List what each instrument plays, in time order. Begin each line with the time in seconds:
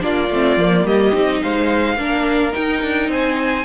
0.00 cello A#3, viola D4, violin F4 D5
0.30 cello A3, viola C4
0.57 cello F3, viola A#3
0.84 cello G3, violin G4 D#5
1.13 cello C4, viola D#4
1.43 cello G#3, violin C5 F5
1.97 cello A#3, viola D4, violin A#4
2.53 viola D#4, cello D#4, violin G5
2.83 cello D4
3.09 cello C4, violin C5 G#5